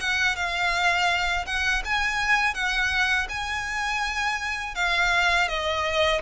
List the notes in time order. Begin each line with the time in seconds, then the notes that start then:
0.00 F#5
0.36 F5
1.46 F#5
1.84 G#5
2.54 F#5
3.29 G#5
4.75 F5
5.48 D#5